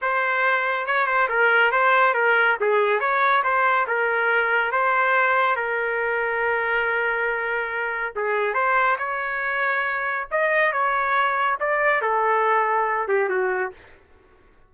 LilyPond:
\new Staff \with { instrumentName = "trumpet" } { \time 4/4 \tempo 4 = 140 c''2 cis''8 c''8 ais'4 | c''4 ais'4 gis'4 cis''4 | c''4 ais'2 c''4~ | c''4 ais'2.~ |
ais'2. gis'4 | c''4 cis''2. | dis''4 cis''2 d''4 | a'2~ a'8 g'8 fis'4 | }